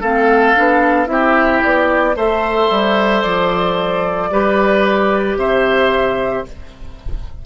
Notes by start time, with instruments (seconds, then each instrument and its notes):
0.00 bassoon A3, clarinet C4, oboe A4, flute F5
0.55 bassoon B3, clarinet D4
1.06 bassoon C4, clarinet E4, oboe G4, flute E5
1.63 bassoon B3, flute D5
2.15 bassoon A3, clarinet A4, oboe C5, flute E5
2.70 bassoon G3
3.22 bassoon F3, flute D5
4.31 bassoon G3, clarinet G4, oboe B4
5.37 bassoon C3, oboe C5, flute E5